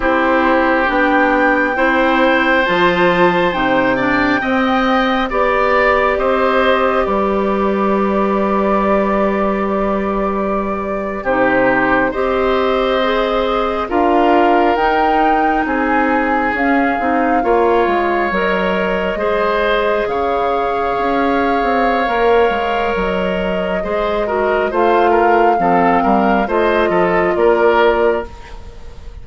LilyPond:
<<
  \new Staff \with { instrumentName = "flute" } { \time 4/4 \tempo 4 = 68 c''4 g''2 a''4 | g''2 d''4 dis''4 | d''1~ | d''8. c''4 dis''2 f''16~ |
f''8. g''4 gis''4 f''4~ f''16~ | f''8. dis''2 f''4~ f''16~ | f''2 dis''2 | f''2 dis''4 d''4 | }
  \new Staff \with { instrumentName = "oboe" } { \time 4/4 g'2 c''2~ | c''8 d''8 dis''4 d''4 c''4 | b'1~ | b'8. g'4 c''2 ais'16~ |
ais'4.~ ais'16 gis'2 cis''16~ | cis''4.~ cis''16 c''4 cis''4~ cis''16~ | cis''2. c''8 ais'8 | c''8 ais'8 a'8 ais'8 c''8 a'8 ais'4 | }
  \new Staff \with { instrumentName = "clarinet" } { \time 4/4 e'4 d'4 e'4 f'4 | dis'8 d'8 c'4 g'2~ | g'1~ | g'8. dis'4 g'4 gis'4 f'16~ |
f'8. dis'2 cis'8 dis'8 f'16~ | f'8. ais'4 gis'2~ gis'16~ | gis'4 ais'2 gis'8 fis'8 | f'4 c'4 f'2 | }
  \new Staff \with { instrumentName = "bassoon" } { \time 4/4 c'4 b4 c'4 f4 | c4 c'4 b4 c'4 | g1~ | g8. c4 c'2 d'16~ |
d'8. dis'4 c'4 cis'8 c'8 ais16~ | ais16 gis8 fis4 gis4 cis4 cis'16~ | cis'8 c'8 ais8 gis8 fis4 gis4 | a4 f8 g8 a8 f8 ais4 | }
>>